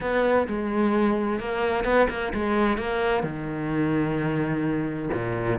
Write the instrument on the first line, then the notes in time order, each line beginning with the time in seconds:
cello
0.00 B3
0.47 G#3
1.39 A#3
1.84 B3
2.09 A#3
2.33 G#3
2.77 A#3
3.23 D#3
5.13 A#2